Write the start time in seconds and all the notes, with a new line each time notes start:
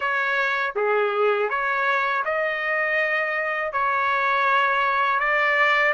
0.00 C#5
0.75 G#4
1.49 C#5
2.25 D#5
3.72 C#5
5.19 D5